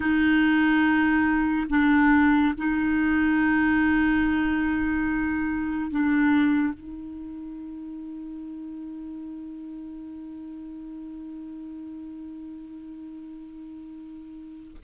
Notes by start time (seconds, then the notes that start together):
0.00 D#4
1.69 D4
2.57 D#4
5.90 D4
6.73 D#4